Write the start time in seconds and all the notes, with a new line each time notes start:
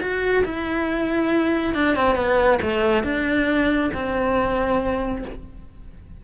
0.00 F#4
0.44 E4
1.74 D4
1.95 C4
2.15 B3
2.61 A3
3.03 D4
3.93 C4